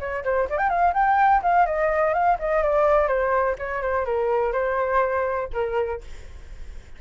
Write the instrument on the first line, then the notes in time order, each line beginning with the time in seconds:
flute
0.00 C#5
0.24 C5
0.50 D5
0.58 G5
0.70 F5
0.94 G5
1.43 F5
1.66 D#5
2.14 F5
2.39 D#5
2.63 D5
3.08 C5
3.58 C#5
3.82 C5
4.05 A#4
4.53 C5
5.53 A#4